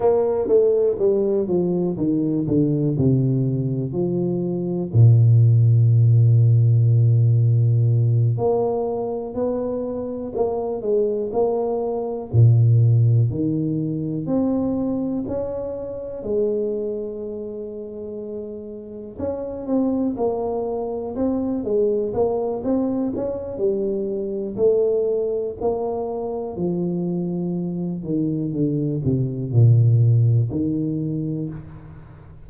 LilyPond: \new Staff \with { instrumentName = "tuba" } { \time 4/4 \tempo 4 = 61 ais8 a8 g8 f8 dis8 d8 c4 | f4 ais,2.~ | ais,8 ais4 b4 ais8 gis8 ais8~ | ais8 ais,4 dis4 c'4 cis'8~ |
cis'8 gis2. cis'8 | c'8 ais4 c'8 gis8 ais8 c'8 cis'8 | g4 a4 ais4 f4~ | f8 dis8 d8 c8 ais,4 dis4 | }